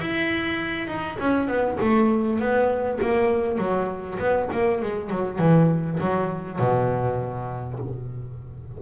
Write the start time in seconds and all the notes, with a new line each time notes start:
0.00 E4
0.87 D#4
1.19 C#4
1.48 B3
1.80 A3
2.39 B3
3.01 A#3
3.58 F#3
4.19 B3
4.52 A#3
4.81 G#3
5.09 F#3
5.38 E3
6.00 F#3
6.59 B2